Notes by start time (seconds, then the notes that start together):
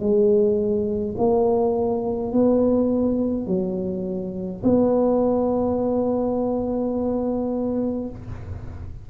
0.00 G#3
1.17 A#3
2.32 B3
3.47 F#3
4.64 B3